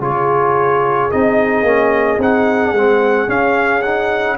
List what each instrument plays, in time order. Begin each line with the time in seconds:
0.00 tuba C#3, trombone F4, horn G#4, trumpet C#5
1.11 tuba C4, trombone D#4, trumpet D#5
1.63 tuba A#3, trombone C#4
2.18 tuba C4, trombone D#4, trumpet F#5
2.72 tuba G#3, trombone C4
3.27 trombone C#4, tuba C#4, trumpet F5
3.82 trombone D#4, trumpet F#5